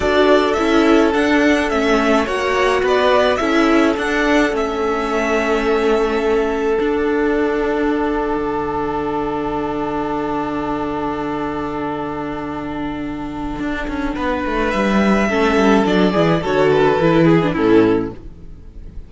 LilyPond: <<
  \new Staff \with { instrumentName = "violin" } { \time 4/4 \tempo 4 = 106 d''4 e''4 fis''4 e''4 | fis''4 d''4 e''4 fis''4 | e''1 | fis''1~ |
fis''1~ | fis''1~ | fis''2 e''2 | d''4 cis''8 b'4. a'4 | }
  \new Staff \with { instrumentName = "violin" } { \time 4/4 a'1 | cis''4 b'4 a'2~ | a'1~ | a'1~ |
a'1~ | a'1~ | a'4 b'2 a'4~ | a'8 gis'8 a'4. gis'8 e'4 | }
  \new Staff \with { instrumentName = "viola" } { \time 4/4 fis'4 e'4 d'4 cis'4 | fis'2 e'4 d'4 | cis'1 | d'1~ |
d'1~ | d'1~ | d'2. cis'4 | d'8 e'8 fis'4 e'8. d'16 cis'4 | }
  \new Staff \with { instrumentName = "cello" } { \time 4/4 d'4 cis'4 d'4 a4 | ais4 b4 cis'4 d'4 | a1 | d'2~ d'8. d4~ d16~ |
d1~ | d1 | d'8 cis'8 b8 a8 g4 a8 g8 | fis8 e8 d4 e4 a,4 | }
>>